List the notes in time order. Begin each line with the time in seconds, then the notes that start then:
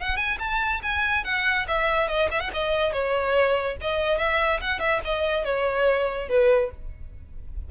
0.00 F#5
0.16 G#5
0.39 A5
0.82 G#5
1.24 F#5
1.67 E5
2.08 D#5
2.31 E5
2.40 F#5
2.53 D#5
2.92 C#5
3.80 D#5
4.18 E5
4.61 F#5
4.79 E5
5.04 D#5
5.44 C#5
6.29 B4